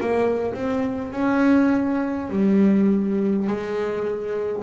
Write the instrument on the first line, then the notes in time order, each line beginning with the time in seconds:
double bass
0.00 A#3
0.54 C4
1.12 C#4
2.29 G3
3.47 G#3